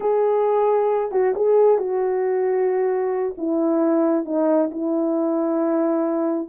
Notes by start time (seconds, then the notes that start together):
0.00 G#4
1.11 F#4
1.35 G#4
1.78 F#4
3.37 E4
4.25 D#4
4.71 E4